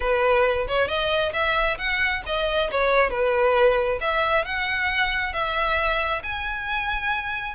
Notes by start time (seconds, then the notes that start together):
0.00 B4
0.67 C#5
0.87 D#5
1.33 E5
1.78 F#5
2.26 D#5
2.71 C#5
3.10 B4
4.00 E5
4.44 F#5
5.33 E5
6.23 G#5